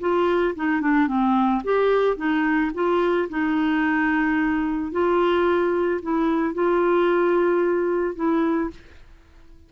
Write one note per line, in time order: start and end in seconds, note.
0.00 0.55 F4
0.55 0.81 D#4
0.81 1.07 D4
1.07 1.62 C4
1.64 2.17 G4
2.17 2.71 D#4
2.74 3.29 F4
3.30 4.91 D#4
4.91 6.00 F4
6.02 6.54 E4
6.54 8.15 F4
8.15 8.70 E4